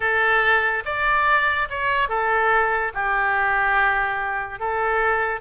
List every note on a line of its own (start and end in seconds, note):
0.00 0.83 A4
0.85 1.68 D5
1.69 2.09 C#5
2.09 2.92 A4
2.94 4.59 G4
4.59 5.40 A4